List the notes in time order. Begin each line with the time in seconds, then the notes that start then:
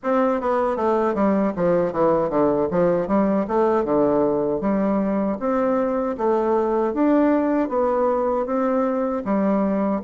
0.03 C4
0.40 B3
0.76 A3
1.14 G3
1.56 F3
1.92 E3
2.29 D3
2.71 F3
3.07 G3
3.47 A3
3.84 D3
4.60 G3
5.39 C4
6.17 A3
6.93 D4
7.69 B3
8.46 C4
9.24 G3